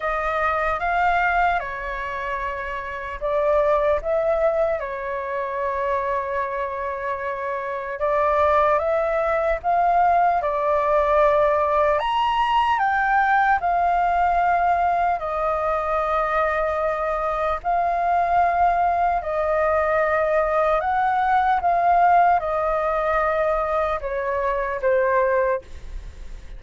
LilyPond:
\new Staff \with { instrumentName = "flute" } { \time 4/4 \tempo 4 = 75 dis''4 f''4 cis''2 | d''4 e''4 cis''2~ | cis''2 d''4 e''4 | f''4 d''2 ais''4 |
g''4 f''2 dis''4~ | dis''2 f''2 | dis''2 fis''4 f''4 | dis''2 cis''4 c''4 | }